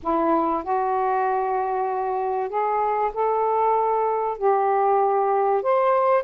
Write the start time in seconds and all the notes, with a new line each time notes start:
0.02 E4
0.63 F#4
2.49 G#4
3.13 A4
4.38 G4
5.62 C5